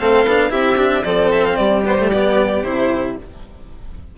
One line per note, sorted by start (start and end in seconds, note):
0.00 0.25 A3
0.00 0.27 C4
0.00 0.51 A4
0.00 0.52 F5
0.25 0.51 B3
0.25 0.50 D4
0.50 1.05 C4
0.50 0.76 E4
0.50 1.05 G4
0.50 1.03 E5
0.77 1.04 D4
1.03 1.59 F3
1.03 1.85 C4
1.03 1.59 A4
1.03 1.30 D5
1.32 1.45 E5
1.45 1.56 F5
1.56 2.65 G3
1.56 3.18 G4
1.56 1.82 D5
1.85 1.98 B3
1.85 2.11 C5
1.99 2.12 A3
2.11 2.64 B3
2.11 2.64 D5
2.64 3.18 C3
2.64 3.17 E4
2.64 3.17 C5